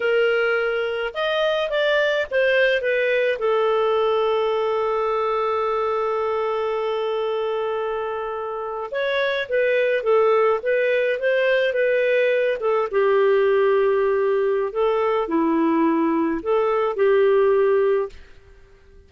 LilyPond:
\new Staff \with { instrumentName = "clarinet" } { \time 4/4 \tempo 4 = 106 ais'2 dis''4 d''4 | c''4 b'4 a'2~ | a'1~ | a'2.~ a'8. cis''16~ |
cis''8. b'4 a'4 b'4 c''16~ | c''8. b'4. a'8 g'4~ g'16~ | g'2 a'4 e'4~ | e'4 a'4 g'2 | }